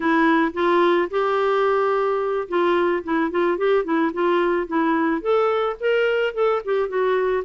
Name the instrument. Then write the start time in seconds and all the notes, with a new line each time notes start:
clarinet
0.00 E4
0.53 F4
1.10 G4
2.48 F4
3.03 E4
3.31 F4
3.57 G4
3.84 E4
4.13 F4
4.67 E4
5.21 A4
5.79 A#4
6.34 A4
6.64 G4
6.88 F#4